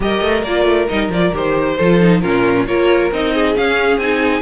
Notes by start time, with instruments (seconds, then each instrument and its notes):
0.00 cello G3, viola G4, violin A#4 D#5
0.20 cello A3
0.43 cello A#3, viola F4, violin D5
0.64 cello A3
0.88 cello G3, viola D#4, violin D#5
1.08 cello F3, viola F4, violin D5
1.32 cello D#3, viola G4, violin C5
1.76 cello F3, viola F4, violin A4
2.01 viola D#4
2.21 cello A#2, viola C#4, violin F4 A#4
2.66 cello A#3, viola F4, violin A#4 C#5
3.11 cello C4, viola D#4, violin D#5
3.34 violin G#4
3.55 viola C#4, cello C#4, violin F5
3.97 cello C4, viola D#4, violin G#5